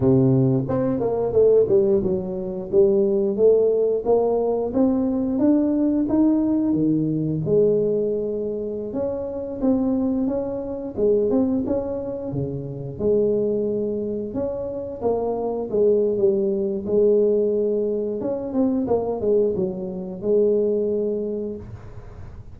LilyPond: \new Staff \with { instrumentName = "tuba" } { \time 4/4 \tempo 4 = 89 c4 c'8 ais8 a8 g8 fis4 | g4 a4 ais4 c'4 | d'4 dis'4 dis4 gis4~ | gis4~ gis16 cis'4 c'4 cis'8.~ |
cis'16 gis8 c'8 cis'4 cis4 gis8.~ | gis4~ gis16 cis'4 ais4 gis8. | g4 gis2 cis'8 c'8 | ais8 gis8 fis4 gis2 | }